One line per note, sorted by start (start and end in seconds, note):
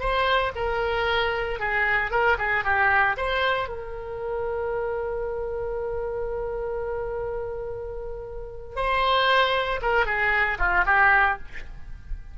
0.00 0.52 C5
0.56 1.60 A#4
1.60 2.11 G#4
2.11 2.37 A#4
2.39 2.64 G#4
2.64 3.17 G4
3.17 3.69 C5
3.69 8.77 A#4
8.77 9.81 C5
9.82 10.06 A#4
10.06 10.58 G#4
10.59 10.85 F4
10.86 11.39 G4